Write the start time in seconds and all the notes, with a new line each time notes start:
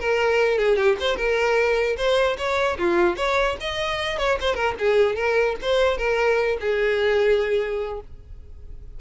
0.00 A#4
0.58 G#4
0.77 G4
1.01 C5
1.17 A#4
1.97 C5
2.38 C#5
2.79 F4
3.17 C#5
3.61 D#5
4.18 C#5
4.41 C5
4.55 A#4
4.79 G#4
5.16 A#4
5.62 C5
5.98 A#4
6.61 G#4